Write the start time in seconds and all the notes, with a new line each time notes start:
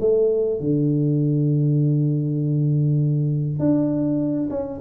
0.00 A3
0.60 D3
3.59 D4
4.50 C#4